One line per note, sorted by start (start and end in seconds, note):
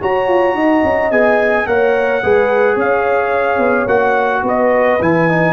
0.00 1.11 F#4
0.00 0.27 F#4
0.00 0.55 C#5
0.00 1.11 A#5
0.27 0.54 F4
0.54 0.82 D#4
0.54 1.66 D#5
0.84 1.11 C#4
1.11 1.66 B3
1.11 1.66 G#4
1.11 1.66 G#5
1.66 2.22 A#3
1.66 2.22 A#4
1.66 2.23 C#5
1.66 2.77 F#5
2.22 2.76 G#3
2.22 3.88 G#4
2.22 2.74 B4
2.74 3.58 C#4
2.74 4.41 C#5
2.74 3.88 F5
3.58 3.86 B3
3.86 4.42 A#3
3.86 4.99 F#4
3.86 4.43 F#5
4.42 4.98 B3
4.42 5.53 B4
4.42 5.02 D#5
5.01 5.53 E3
5.01 5.28 E4
5.01 5.53 G#5
5.28 5.53 D#4